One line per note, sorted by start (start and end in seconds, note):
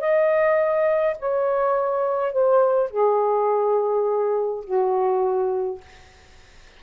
0.00 1.17 D#5
1.19 2.32 C#5
2.32 2.90 C5
2.90 4.64 G#4
4.64 5.81 F#4